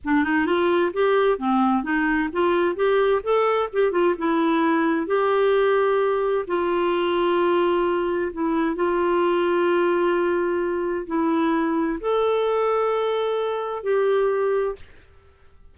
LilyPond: \new Staff \with { instrumentName = "clarinet" } { \time 4/4 \tempo 4 = 130 d'8 dis'8 f'4 g'4 c'4 | dis'4 f'4 g'4 a'4 | g'8 f'8 e'2 g'4~ | g'2 f'2~ |
f'2 e'4 f'4~ | f'1 | e'2 a'2~ | a'2 g'2 | }